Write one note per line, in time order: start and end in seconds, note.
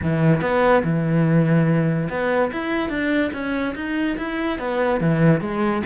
0.02 0.41 E3
0.41 0.82 B3
0.83 2.08 E3
2.09 2.51 B3
2.52 2.89 E4
2.89 3.30 D4
3.33 3.74 C#4
3.75 4.17 D#4
4.17 4.58 E4
4.58 5.00 B3
5.00 5.41 E3
5.41 5.82 G#3